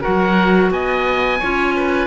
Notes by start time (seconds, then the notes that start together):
0.00 F#4 A#4 F#5
0.06 F#3
0.70 B3 D#5 G#5
1.39 C#4 F4 C#5
1.76 B4